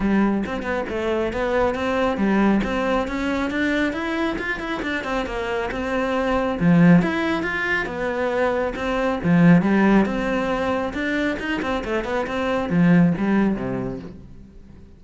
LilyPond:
\new Staff \with { instrumentName = "cello" } { \time 4/4 \tempo 4 = 137 g4 c'8 b8 a4 b4 | c'4 g4 c'4 cis'4 | d'4 e'4 f'8 e'8 d'8 c'8 | ais4 c'2 f4 |
e'4 f'4 b2 | c'4 f4 g4 c'4~ | c'4 d'4 dis'8 c'8 a8 b8 | c'4 f4 g4 c4 | }